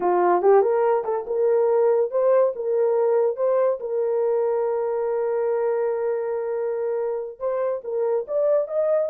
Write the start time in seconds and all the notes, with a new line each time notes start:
0.00 F4
0.41 G4
0.61 A#4
1.04 A4
1.26 A#4
2.10 C5
2.55 A#4
3.36 C5
3.80 A#4
7.39 C5
7.84 A#4
8.27 D5
8.67 D#5